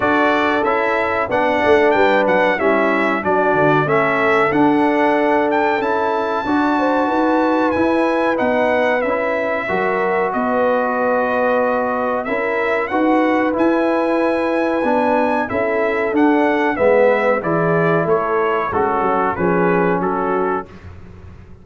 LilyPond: <<
  \new Staff \with { instrumentName = "trumpet" } { \time 4/4 \tempo 4 = 93 d''4 e''4 fis''4 g''8 fis''8 | e''4 d''4 e''4 fis''4~ | fis''8 g''8 a''2. | gis''4 fis''4 e''2 |
dis''2. e''4 | fis''4 gis''2. | e''4 fis''4 e''4 d''4 | cis''4 a'4 b'4 a'4 | }
  \new Staff \with { instrumentName = "horn" } { \time 4/4 a'2 d''4 b'4 | e'4 fis'4 a'2~ | a'2 d''8 c''8 b'4~ | b'2. ais'4 |
b'2. ais'4 | b'1 | a'2 b'4 gis'4 | a'4 cis'4 gis'4 fis'4 | }
  \new Staff \with { instrumentName = "trombone" } { \time 4/4 fis'4 e'4 d'2 | cis'4 d'4 cis'4 d'4~ | d'4 e'4 fis'2 | e'4 dis'4 e'4 fis'4~ |
fis'2. e'4 | fis'4 e'2 d'4 | e'4 d'4 b4 e'4~ | e'4 fis'4 cis'2 | }
  \new Staff \with { instrumentName = "tuba" } { \time 4/4 d'4 cis'4 b8 a8 g8 fis8 | g4 fis8 d8 a4 d'4~ | d'4 cis'4 d'4 dis'4 | e'4 b4 cis'4 fis4 |
b2. cis'4 | dis'4 e'2 b4 | cis'4 d'4 gis4 e4 | a4 gis8 fis8 f4 fis4 | }
>>